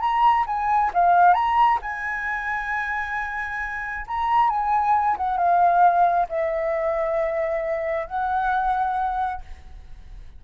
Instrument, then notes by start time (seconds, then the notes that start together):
flute
0.00 A#5
0.46 G#5
0.93 F5
1.34 A#5
1.82 G#5
4.07 A#5
4.49 G#5
5.17 F#5
5.37 F5
6.29 E5
8.07 F#5